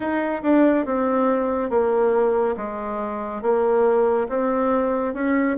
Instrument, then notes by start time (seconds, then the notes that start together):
bassoon
0.00 D#4
0.42 D4
0.85 C4
1.69 A#3
2.56 G#3
3.41 A#3
4.29 C4
5.14 C#4